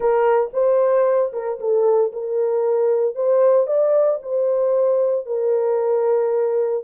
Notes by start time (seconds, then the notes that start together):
0.00 A#4
0.53 C5
1.33 A#4
1.59 A4
2.12 A#4
3.15 C5
3.67 D5
4.22 C5
5.26 A#4